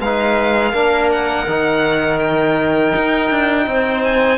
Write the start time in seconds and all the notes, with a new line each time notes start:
0.00 G#3 D#4 B4 F5
0.72 A#3 D4 A#4
1.12 F#5
1.47 D#3 D#4
2.19 G5
2.96 D#4
3.30 D4
3.66 C4 C5
4.04 G#5